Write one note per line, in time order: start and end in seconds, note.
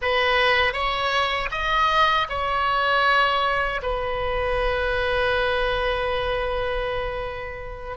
0.01 0.73 B4
0.73 1.49 C#5
1.51 2.27 D#5
2.29 3.81 C#5
3.82 7.97 B4